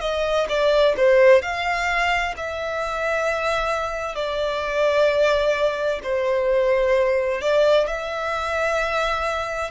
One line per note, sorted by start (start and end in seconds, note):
0.00 0.46 D#5
0.48 0.94 D5
0.97 1.41 C5
1.41 2.34 F5
2.36 4.15 E5
4.15 6.00 D5
6.03 7.41 C5
7.41 7.87 D5
7.87 9.70 E5